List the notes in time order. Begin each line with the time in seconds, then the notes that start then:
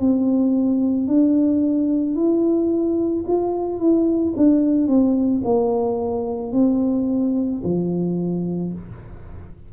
0.00 C4
1.08 D4
2.16 E4
3.28 F4
3.80 E4
4.37 D4
4.88 C4
5.44 A#3
6.53 C4
7.64 F3